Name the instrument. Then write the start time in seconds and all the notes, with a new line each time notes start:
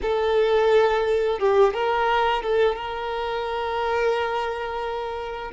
violin
0.02 A4
1.39 G4
1.73 A#4
2.42 A4
2.75 A#4